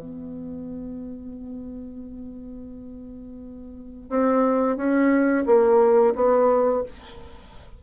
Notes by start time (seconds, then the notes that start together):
0.00 B3
4.09 C4
4.76 C#4
5.45 A#3
6.15 B3